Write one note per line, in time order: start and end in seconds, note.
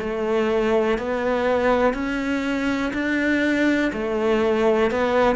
0.00 0.98 A3
0.98 1.94 B3
1.94 2.92 C#4
2.94 3.92 D4
3.93 4.91 A3
4.91 5.36 B3